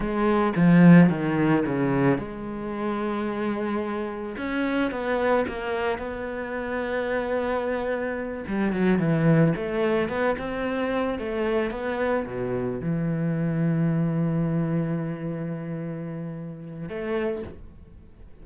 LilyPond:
\new Staff \with { instrumentName = "cello" } { \time 4/4 \tempo 4 = 110 gis4 f4 dis4 cis4 | gis1 | cis'4 b4 ais4 b4~ | b2.~ b8 g8 |
fis8 e4 a4 b8 c'4~ | c'8 a4 b4 b,4 e8~ | e1~ | e2. a4 | }